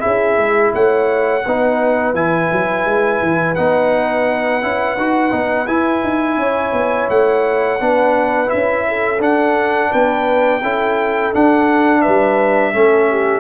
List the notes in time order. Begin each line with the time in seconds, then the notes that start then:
0.00 C#4 E4 G#4 E5
0.37 G#3
0.74 A3 C#5 F#5
1.46 B3 D#4 B4
2.13 E3 E4 G#5
2.52 F#3
2.85 G#3
3.22 E3
3.55 B3 D#4 F#5
4.62 C#4 E4
4.96 D#4 F#4
5.31 B3 D#4
5.67 E4 G#5
6.03 D#4
6.36 C#4 C#5
6.72 B3
7.09 A3 F#5
7.80 B3 D4 B4
8.46 E4 E5
8.53 C#4
8.88 A4
9.19 D4 F#5
9.90 B3 B4 G5
10.62 C#4 E4 A4
11.33 D4 F#5
12.01 G3 B4 E5
12.73 A3 C#4 A4
13.10 G4